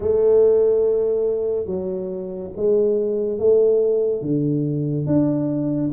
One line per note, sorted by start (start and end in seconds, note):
0.00 1.66 A3
1.66 2.50 F#3
2.56 3.38 G#3
3.38 4.21 A3
4.21 5.06 D3
5.06 5.90 D4